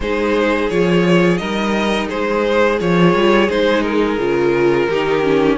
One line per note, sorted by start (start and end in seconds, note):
0.00 0.70 G#3
0.00 0.70 D#4
0.00 1.40 G#4
0.00 0.69 C5
0.69 1.40 F3
0.69 1.38 F4
0.69 1.37 C#5
1.37 2.10 G3
1.37 2.77 D#4
1.37 2.08 A#4
1.37 2.07 D#5
2.08 2.80 G#3
2.08 4.87 G#4
2.08 2.79 C5
2.79 3.14 F3
2.79 3.48 F4
2.79 3.49 C#5
3.14 3.49 G3
3.49 4.17 G#3
3.49 4.18 D#4
3.49 3.82 C5
3.82 5.56 A#4
4.17 4.87 C#3
4.17 4.88 F4
4.89 5.58 D#3
4.89 5.23 D#4
4.89 5.58 G4
5.23 5.57 C#4